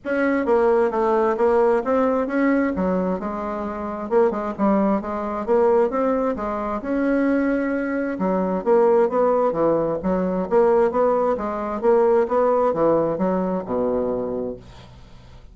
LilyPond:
\new Staff \with { instrumentName = "bassoon" } { \time 4/4 \tempo 4 = 132 cis'4 ais4 a4 ais4 | c'4 cis'4 fis4 gis4~ | gis4 ais8 gis8 g4 gis4 | ais4 c'4 gis4 cis'4~ |
cis'2 fis4 ais4 | b4 e4 fis4 ais4 | b4 gis4 ais4 b4 | e4 fis4 b,2 | }